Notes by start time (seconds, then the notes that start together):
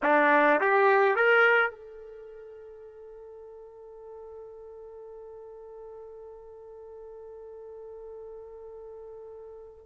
0.02 D4
0.60 G4
1.15 A#4
1.70 A4